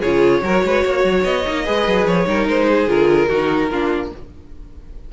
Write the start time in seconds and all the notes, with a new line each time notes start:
0.00 C#3 F4 G#4 C#5
0.42 F#3 F#4 A#4
0.64 G#3 B4
0.84 A#3 C#5
1.04 F#3
1.24 B3 D#5
1.46 A#3 D#4
1.65 G#3 G#4 B4
1.88 F#3
2.06 F3 C#5
2.26 G3 D#4 A#4
2.48 G#3 C5
2.70 G#4
2.87 D3 F4 A#4
3.28 D#3 D#4 F#4
3.71 A#3 D4 F4